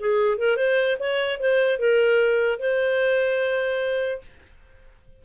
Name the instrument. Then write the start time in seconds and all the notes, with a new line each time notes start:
clarinet
0.00 G#4
0.38 A#4
0.57 C5
1.00 C#5
1.40 C5
1.79 A#4
2.60 C5